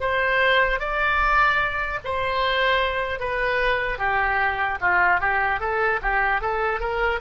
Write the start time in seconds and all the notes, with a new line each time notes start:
0.00 C5
0.79 D5
2.04 C5
3.19 B4
3.98 G4
4.80 F4
5.20 G4
5.60 A4
6.02 G4
6.41 A4
6.80 A#4